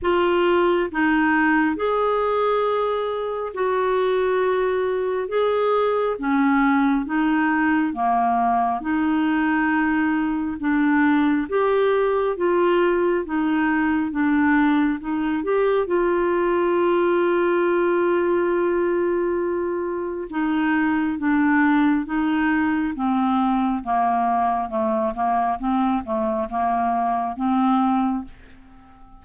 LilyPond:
\new Staff \with { instrumentName = "clarinet" } { \time 4/4 \tempo 4 = 68 f'4 dis'4 gis'2 | fis'2 gis'4 cis'4 | dis'4 ais4 dis'2 | d'4 g'4 f'4 dis'4 |
d'4 dis'8 g'8 f'2~ | f'2. dis'4 | d'4 dis'4 c'4 ais4 | a8 ais8 c'8 a8 ais4 c'4 | }